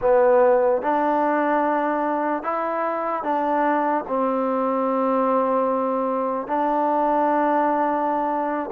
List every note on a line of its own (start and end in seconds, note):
0.01 0.81 B3
0.81 2.43 D4
2.43 3.23 E4
3.23 4.04 D4
4.07 6.47 C4
6.47 8.70 D4